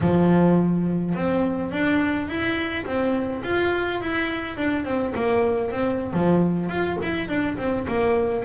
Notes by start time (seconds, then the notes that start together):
0.01 F3
1.14 C4
1.71 D4
2.28 E4
2.85 C4
3.43 F4
4.01 E4
4.57 D4
4.84 C4
5.14 A#3
5.71 C4
6.13 F3
6.69 F4
7.02 E4
7.28 D4
7.57 C4
7.87 A#3